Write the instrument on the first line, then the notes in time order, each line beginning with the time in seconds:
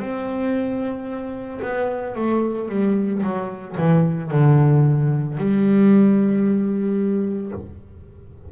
double bass
0.00 C4
1.62 B3
2.16 A3
2.69 G3
3.23 F#3
3.78 E3
4.31 D3
5.38 G3